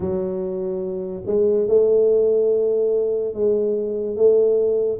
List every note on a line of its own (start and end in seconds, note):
0.00 1.22 F#3
1.26 1.68 G#3
1.68 3.34 A3
3.34 4.16 G#3
4.16 4.99 A3